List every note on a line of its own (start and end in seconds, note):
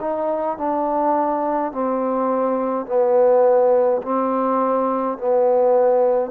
0.00 0.57 D#4
0.57 1.72 D4
1.72 2.86 C4
2.86 4.01 B3
4.02 5.18 C4
5.18 6.31 B3